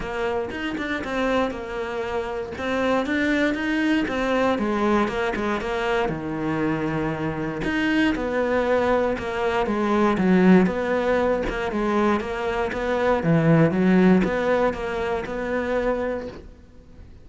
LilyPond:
\new Staff \with { instrumentName = "cello" } { \time 4/4 \tempo 4 = 118 ais4 dis'8 d'8 c'4 ais4~ | ais4 c'4 d'4 dis'4 | c'4 gis4 ais8 gis8 ais4 | dis2. dis'4 |
b2 ais4 gis4 | fis4 b4. ais8 gis4 | ais4 b4 e4 fis4 | b4 ais4 b2 | }